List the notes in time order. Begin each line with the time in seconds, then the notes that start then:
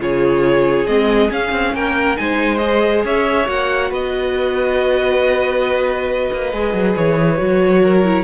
0.00 C#3 F4 G#4 C#5
0.87 G#3 C4 D#5
1.30 C#4 F5
1.52 C4
1.74 A#3 A#4 G5
2.16 G#3 D#4 C5 G#5
2.58 G#4 D#5
3.05 C#4 C#5 E5
3.46 A#3 F#4 F#5
3.91 B3 B4 D#5
6.33 A#3
6.53 G#3 G#4
6.74 F#3
6.97 E3 C#5
7.38 F#3 F#4
7.83 A#4
8.05 E4